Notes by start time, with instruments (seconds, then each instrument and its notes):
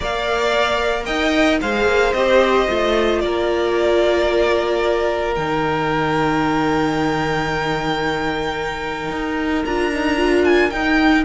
0.00 cello A#3, viola A#4, violin D5 F5
1.04 cello D#4, violin D#5 G5
1.61 cello G#3, viola G#4, violin C5 F5
1.85 cello A#3
2.13 cello C4, viola G4, violin D#5
2.68 cello A3, viola F4
3.20 cello A#3, violin A#4 D5
5.35 cello D#3, viola D#4, violin G5
9.10 cello D#4
9.65 cello D4, viola F4, violin A#5
9.92 viola D#4
10.17 viola F4
10.45 violin G#5
10.70 cello D#4, viola D#4, violin G5